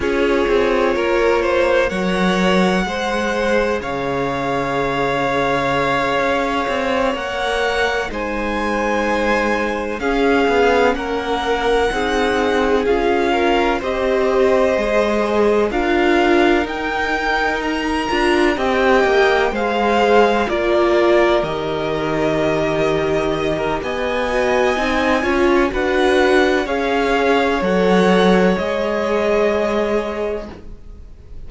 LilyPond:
<<
  \new Staff \with { instrumentName = "violin" } { \time 4/4 \tempo 4 = 63 cis''2 fis''2 | f''2.~ f''8 fis''8~ | fis''8 gis''2 f''4 fis''8~ | fis''4. f''4 dis''4.~ |
dis''8 f''4 g''4 ais''4 g''8~ | g''8 f''4 d''4 dis''4.~ | dis''4 gis''2 fis''4 | f''4 fis''4 dis''2 | }
  \new Staff \with { instrumentName = "violin" } { \time 4/4 gis'4 ais'8 c''8 cis''4 c''4 | cis''1~ | cis''8 c''2 gis'4 ais'8~ | ais'8 gis'4. ais'8 c''4.~ |
c''8 ais'2. dis''8~ | dis''8 c''4 ais'2~ ais'8~ | ais'8 dis''16 ais'16 dis''4. cis''8 b'4 | cis''1 | }
  \new Staff \with { instrumentName = "viola" } { \time 4/4 f'2 ais'4 gis'4~ | gis'2.~ gis'8 ais'8~ | ais'8 dis'2 cis'4.~ | cis'8 dis'4 f'4 g'4 gis'8~ |
gis'8 f'4 dis'4. f'8 g'8~ | g'8 gis'4 f'4 g'4.~ | g'4. fis'8 dis'8 f'8 fis'4 | gis'4 a'4 gis'2 | }
  \new Staff \with { instrumentName = "cello" } { \time 4/4 cis'8 c'8 ais4 fis4 gis4 | cis2~ cis8 cis'8 c'8 ais8~ | ais8 gis2 cis'8 b8 ais8~ | ais8 c'4 cis'4 c'4 gis8~ |
gis8 d'4 dis'4. d'8 c'8 | ais8 gis4 ais4 dis4.~ | dis4 b4 c'8 cis'8 d'4 | cis'4 fis4 gis2 | }
>>